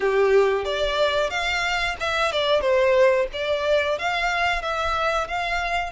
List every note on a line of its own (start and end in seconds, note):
0.00 0.64 G4
0.64 1.30 D5
1.30 1.96 F5
1.99 2.31 E5
2.31 2.60 D5
2.60 3.26 C5
3.33 3.98 D5
3.98 4.62 F5
4.62 5.27 E5
5.27 5.92 F5